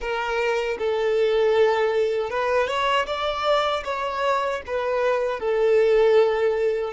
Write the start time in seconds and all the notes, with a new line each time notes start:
0.00 A#4
0.78 A4
2.30 B4
2.67 C#5
3.06 D5
3.84 C#5
4.66 B4
5.39 A4